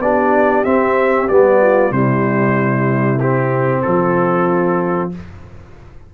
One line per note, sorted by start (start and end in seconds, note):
0.00 0.64 B3
0.00 0.65 D4
0.00 1.61 G4
0.00 0.65 D5
0.65 1.29 C4
0.65 1.30 C4
0.65 1.29 E5
1.29 1.92 G3
1.29 1.92 B3
1.29 1.93 D5
1.61 1.93 F4
1.92 3.83 C3
1.92 3.20 G3
1.92 3.85 E4
1.92 3.20 C5
3.20 5.12 C4
3.20 3.82 G4
3.82 5.14 F3
3.82 5.13 F4
3.82 5.10 A4